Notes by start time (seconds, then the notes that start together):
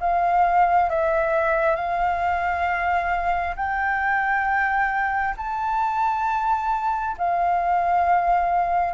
0.00 F5
0.89 E5
1.76 F5
3.56 G5
5.37 A5
7.18 F5